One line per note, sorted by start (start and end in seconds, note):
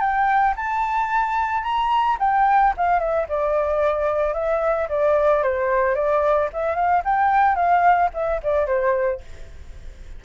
0.00 0.54 G5
0.56 1.63 A5
1.63 2.17 A#5
2.20 2.74 G5
2.77 2.99 F5
2.99 3.26 E5
3.29 4.34 D5
4.34 4.88 E5
4.89 5.43 D5
5.43 5.95 C5
5.95 6.49 D5
6.53 6.75 E5
6.75 7.02 F5
7.05 7.55 G5
7.55 8.09 F5
8.14 8.41 E5
8.43 8.67 D5
8.67 9.21 C5